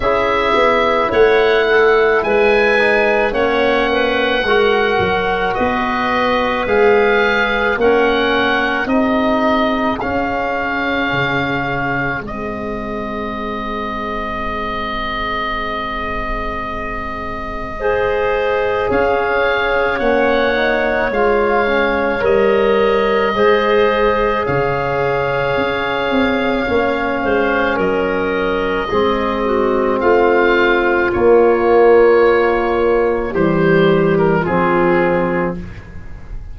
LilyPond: <<
  \new Staff \with { instrumentName = "oboe" } { \time 4/4 \tempo 4 = 54 e''4 fis''4 gis''4 fis''4~ | fis''4 dis''4 f''4 fis''4 | dis''4 f''2 dis''4~ | dis''1~ |
dis''4 f''4 fis''4 f''4 | dis''2 f''2~ | f''4 dis''2 f''4 | cis''2 c''8. ais'16 gis'4 | }
  \new Staff \with { instrumentName = "clarinet" } { \time 4/4 gis'4 cis''8 a'8 b'4 cis''8 b'8 | ais'4 b'2 ais'4 | gis'1~ | gis'1 |
c''4 cis''2.~ | cis''4 c''4 cis''2~ | cis''8 c''8 ais'4 gis'8 fis'8 f'4~ | f'2 g'4 f'4 | }
  \new Staff \with { instrumentName = "trombone" } { \time 4/4 e'2~ e'8 dis'8 cis'4 | fis'2 gis'4 cis'4 | dis'4 cis'2 c'4~ | c'1 |
gis'2 cis'8 dis'8 f'8 cis'8 | ais'4 gis'2. | cis'2 c'2 | ais2 g4 c'4 | }
  \new Staff \with { instrumentName = "tuba" } { \time 4/4 cis'8 b8 a4 gis4 ais4 | gis8 fis8 b4 gis4 ais4 | c'4 cis'4 cis4 gis4~ | gis1~ |
gis4 cis'4 ais4 gis4 | g4 gis4 cis4 cis'8 c'8 | ais8 gis8 fis4 gis4 a4 | ais2 e4 f4 | }
>>